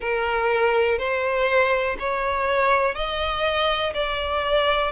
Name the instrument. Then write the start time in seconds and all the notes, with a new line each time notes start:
violin
0.00 A#4
0.98 C5
1.99 C#5
2.94 D#5
3.93 D5